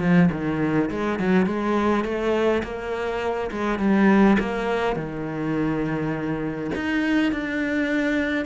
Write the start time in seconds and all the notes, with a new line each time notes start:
0.00 F3
0.32 D#3
0.90 G#3
1.19 F#3
1.46 G#3
2.04 A3
2.63 A#3
3.51 G#3
3.79 G3
4.39 A#3
4.96 D#3
6.75 D#4
7.32 D4